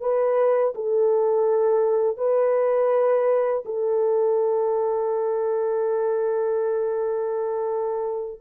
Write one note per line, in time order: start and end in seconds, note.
0.00 0.73 B4
0.74 2.17 A4
2.17 3.63 B4
3.65 8.40 A4